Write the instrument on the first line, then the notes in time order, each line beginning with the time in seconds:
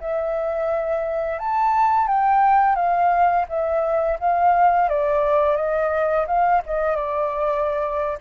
flute
0.00 E5
1.39 A5
2.07 G5
2.76 F5
3.49 E5
4.19 F5
4.89 D5
5.56 D#5
6.27 F5
6.66 D#5
6.96 D5